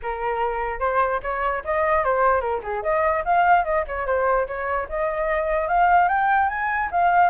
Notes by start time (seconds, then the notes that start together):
0.02 A#4
0.79 C5
1.22 C#5
1.64 D#5
2.04 C5
2.40 A#4
2.62 G#4
2.82 D#5
3.25 F5
3.64 D#5
3.87 C#5
4.06 C5
4.47 C#5
4.89 D#5
5.68 F5
6.08 G5
6.49 G#5
6.91 F5